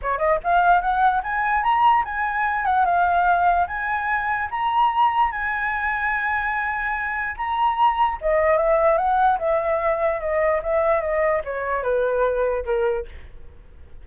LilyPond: \new Staff \with { instrumentName = "flute" } { \time 4/4 \tempo 4 = 147 cis''8 dis''8 f''4 fis''4 gis''4 | ais''4 gis''4. fis''8 f''4~ | f''4 gis''2 ais''4~ | ais''4 gis''2.~ |
gis''2 ais''2 | dis''4 e''4 fis''4 e''4~ | e''4 dis''4 e''4 dis''4 | cis''4 b'2 ais'4 | }